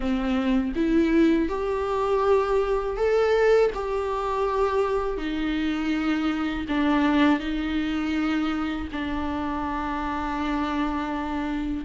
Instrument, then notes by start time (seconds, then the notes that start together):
viola
0.00 C4
0.75 E4
1.48 G4
2.96 A4
3.74 G4
5.17 D#4
6.68 D4
7.39 D#4
8.92 D4